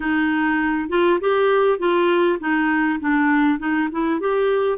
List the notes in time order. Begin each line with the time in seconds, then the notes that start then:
0.00 D#4
0.89 F4
1.20 G4
1.78 F4
2.39 D#4
2.99 D4
3.58 D#4
3.91 E4
4.20 G4